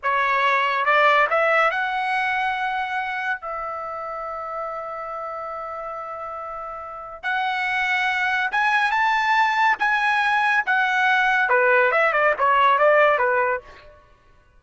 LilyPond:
\new Staff \with { instrumentName = "trumpet" } { \time 4/4 \tempo 4 = 141 cis''2 d''4 e''4 | fis''1 | e''1~ | e''1~ |
e''4 fis''2. | gis''4 a''2 gis''4~ | gis''4 fis''2 b'4 | e''8 d''8 cis''4 d''4 b'4 | }